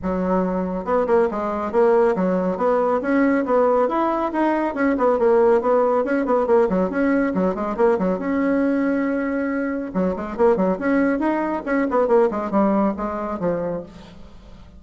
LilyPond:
\new Staff \with { instrumentName = "bassoon" } { \time 4/4 \tempo 4 = 139 fis2 b8 ais8 gis4 | ais4 fis4 b4 cis'4 | b4 e'4 dis'4 cis'8 b8 | ais4 b4 cis'8 b8 ais8 fis8 |
cis'4 fis8 gis8 ais8 fis8 cis'4~ | cis'2. fis8 gis8 | ais8 fis8 cis'4 dis'4 cis'8 b8 | ais8 gis8 g4 gis4 f4 | }